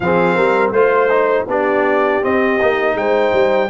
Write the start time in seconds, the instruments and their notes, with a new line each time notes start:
0.00 tuba F3, trombone C4, horn G#4, trumpet F5
0.35 tuba G3, horn A#4
0.70 tuba A3, trombone F4, trumpet C5, horn C5
1.09 trombone D#4
1.47 tuba B3, trombone D4, horn G4, trumpet D5
2.22 trombone C4, tuba C4, trumpet D#5
2.60 tuba A#3, trombone D#4
2.95 tuba G#3, horn C5, trumpet G5
3.33 tuba G3